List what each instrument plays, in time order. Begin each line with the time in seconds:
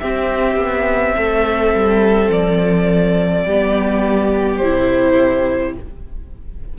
0.00 viola C4, cello C4, violin G4 E5
0.56 cello B3
1.15 cello A3, violin A4
1.75 cello G3
2.29 cello F3, violin D5
3.45 cello G3, viola B3, violin G4
4.58 cello C3, viola E4, violin C5